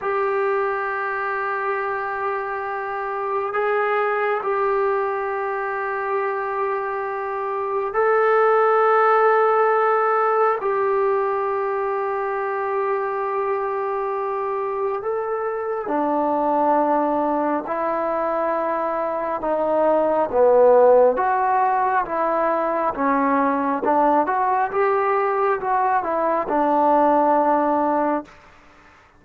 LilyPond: \new Staff \with { instrumentName = "trombone" } { \time 4/4 \tempo 4 = 68 g'1 | gis'4 g'2.~ | g'4 a'2. | g'1~ |
g'4 a'4 d'2 | e'2 dis'4 b4 | fis'4 e'4 cis'4 d'8 fis'8 | g'4 fis'8 e'8 d'2 | }